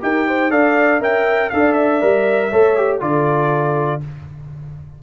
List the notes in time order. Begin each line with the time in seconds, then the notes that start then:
0.00 D#4 G4 A#4 G5
0.26 C5
0.50 D4 A4 D5 F5
1.00 C#4 A#4 E5 G5
1.50 D4 A4 D5 F5
1.72 E5
2.01 G3 A#4
2.49 A3 A4 C#5
2.76 G4
3.00 D3 F4 A4 D5